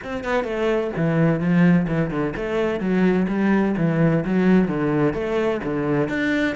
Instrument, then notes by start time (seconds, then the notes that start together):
cello
0.03 C4
0.24 B3
0.43 A3
0.96 E3
1.40 F3
1.87 E3
2.10 D3
2.36 A3
2.80 F#3
3.28 G3
3.77 E3
4.24 F#3
4.68 D3
5.13 A3
5.64 D3
6.08 D4